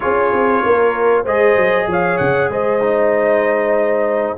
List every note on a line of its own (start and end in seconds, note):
0.00 0.32 C#4
0.00 1.25 F4
0.00 0.64 G#4
0.00 1.24 C#5
0.32 0.63 C4
0.65 1.25 A#3
0.65 1.23 A#4
1.23 1.56 G#3
1.23 2.80 G#4
1.23 1.86 C5
1.23 1.89 D#5
1.56 1.87 F#3
1.87 2.18 F3
1.87 2.50 C#5
1.87 2.17 F5
2.17 2.49 C#3
2.17 2.49 F#5
2.49 4.36 G#3
2.49 4.37 C5
2.49 4.37 D#5
2.80 4.36 D#4